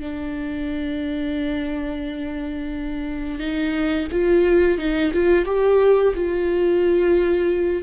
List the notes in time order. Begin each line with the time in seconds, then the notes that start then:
0.00 D4
3.39 D#4
4.12 F4
4.78 D#4
5.13 F4
5.45 G4
6.15 F4